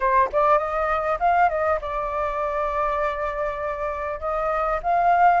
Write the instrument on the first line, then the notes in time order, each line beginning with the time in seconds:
flute
0.00 C5
0.32 D5
0.58 D#5
1.19 F5
1.49 D#5
1.81 D5
4.19 D#5
4.82 F5